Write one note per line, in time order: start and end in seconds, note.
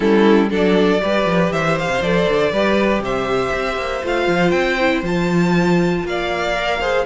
0.00 0.50 G3
0.00 0.49 C#4
0.00 0.49 E4
0.00 0.49 A4
0.50 1.01 F#3
0.50 0.99 D4
0.50 1.00 A4
0.50 1.52 D5
0.99 1.25 G3
0.99 2.00 G4
0.99 1.53 B4
1.25 1.50 F3
1.50 1.87 E3
1.50 2.51 C5
1.50 1.77 E5
1.79 2.01 F5
1.87 2.00 C3
2.01 2.26 F3
2.01 2.53 A4
2.01 3.02 D5
2.28 2.52 D3
2.51 2.99 G3
2.51 4.02 G4
2.51 3.02 B4
2.99 3.50 C3
2.99 6.06 C5
2.99 4.05 E5
3.52 3.77 C4
3.77 4.02 A#3
4.02 4.27 A3
4.02 4.78 F4
4.02 4.51 F5
4.27 4.52 F3
4.51 5.02 C4
4.51 5.01 G5
4.79 5.03 E4
5.02 6.03 F3
5.02 6.54 F4
5.02 6.06 A5
6.04 7.05 A#3
6.04 6.80 D5
6.04 7.05 F5
6.54 6.80 A#4
6.80 7.05 G#4
6.80 7.05 C5